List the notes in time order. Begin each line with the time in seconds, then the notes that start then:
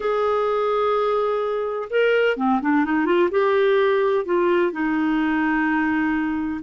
0.00 G#4
1.90 A#4
2.36 C4
2.61 D4
2.84 D#4
3.05 F4
3.30 G4
4.25 F4
4.71 D#4